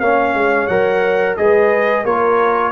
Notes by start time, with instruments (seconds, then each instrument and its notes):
0.00 tuba A#3, trombone C#4, horn C#5, trumpet F5
0.34 tuba G#3
0.67 tuba F#3, trombone A#4, trumpet F#5
1.37 tuba G#3, trombone G#4, horn B4, trumpet D#5
2.04 tuba A#3, trombone F4, horn A#4, trumpet C#5